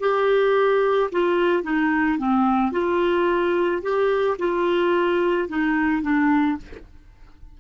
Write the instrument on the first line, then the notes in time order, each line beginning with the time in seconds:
clarinet
0.00 G4
1.12 F4
1.63 D#4
2.18 C4
2.72 F4
3.82 G4
4.39 F4
5.49 D#4
6.02 D4